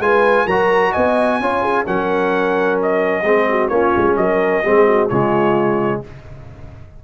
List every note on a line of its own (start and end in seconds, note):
0.00 0.46 G#3
0.00 0.48 F4
0.00 0.46 B4
0.00 0.48 G#5
0.46 0.93 F#3
0.46 1.42 F#4
0.46 0.92 A#4
0.46 0.93 A#5
0.92 1.41 B3
0.92 1.38 D#5
0.92 1.85 G#5
1.41 1.87 C#4
1.41 1.86 F4
1.41 1.63 C#5
1.63 1.86 G#4
1.86 3.24 F#3
1.86 3.24 C#4
1.86 3.25 A#4
1.86 2.79 F#5
2.83 3.69 D#5
3.24 3.70 G#3
3.24 3.71 C4
3.24 3.48 G#4
3.49 3.72 F#4
3.69 3.94 A#3
3.69 4.64 C#4
3.69 4.18 F4
3.69 4.15 C#5
3.97 4.17 G#3
4.17 4.64 F#3
4.17 4.65 A#4
4.17 5.09 D#5
4.65 5.11 G#3
4.65 5.11 C4
4.65 4.87 G#4
4.87 5.10 F#4
5.09 6.04 C#3
5.09 6.04 G#3
5.09 6.02 F4
5.09 6.01 C#5